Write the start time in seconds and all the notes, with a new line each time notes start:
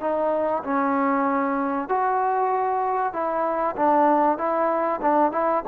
0.00 D#4
0.63 C#4
1.88 F#4
3.13 E4
3.76 D4
4.38 E4
5.01 D4
5.32 E4